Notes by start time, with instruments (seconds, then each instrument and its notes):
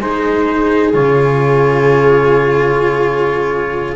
0.00 double bass G#3, cello D#4, viola G#4, trumpet C5
0.93 double bass C#3, cello F4, trumpet C#5